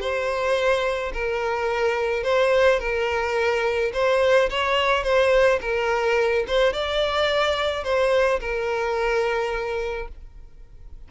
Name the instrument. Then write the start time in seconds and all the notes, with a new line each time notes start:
violin
0.00 C5
1.13 A#4
2.23 C5
2.79 A#4
3.93 C5
4.50 C#5
5.03 C5
5.61 A#4
6.47 C5
6.73 D5
7.84 C5
8.40 A#4